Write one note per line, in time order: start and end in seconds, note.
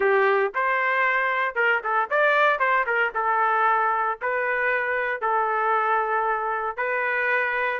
0.00 0.52 G4
0.55 1.55 C5
1.55 1.81 A#4
1.83 2.09 A4
2.10 2.59 D5
2.59 2.85 C5
2.86 3.12 A#4
3.14 4.19 A4
4.21 5.21 B4
5.21 6.77 A4
6.77 7.80 B4